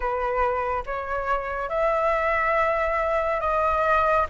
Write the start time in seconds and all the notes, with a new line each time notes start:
0.00 B4
0.86 C#5
1.69 E5
3.40 D#5